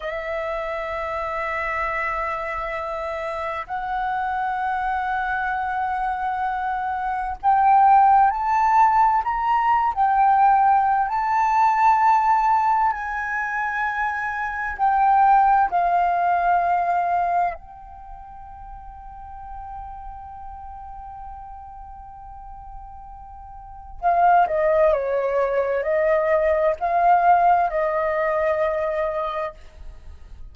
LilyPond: \new Staff \with { instrumentName = "flute" } { \time 4/4 \tempo 4 = 65 e''1 | fis''1 | g''4 a''4 ais''8. g''4~ g''16 | a''2 gis''2 |
g''4 f''2 g''4~ | g''1~ | g''2 f''8 dis''8 cis''4 | dis''4 f''4 dis''2 | }